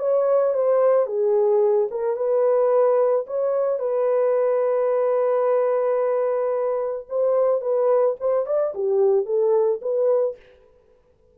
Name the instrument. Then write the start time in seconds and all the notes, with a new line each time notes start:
horn
0.00 C#5
0.55 C5
1.07 G#4
1.91 A#4
2.17 B4
3.28 C#5
3.80 B4
7.10 C5
7.62 B4
8.21 C5
8.47 D5
8.75 G4
9.26 A4
9.82 B4